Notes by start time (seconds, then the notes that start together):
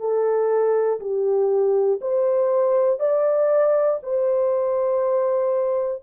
0.00 A4
1.00 G4
2.01 C5
3.00 D5
4.03 C5